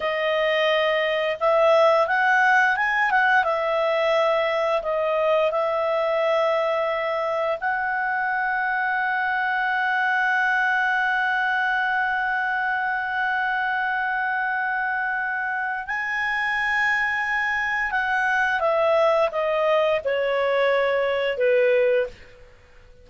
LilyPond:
\new Staff \with { instrumentName = "clarinet" } { \time 4/4 \tempo 4 = 87 dis''2 e''4 fis''4 | gis''8 fis''8 e''2 dis''4 | e''2. fis''4~ | fis''1~ |
fis''1~ | fis''2. gis''4~ | gis''2 fis''4 e''4 | dis''4 cis''2 b'4 | }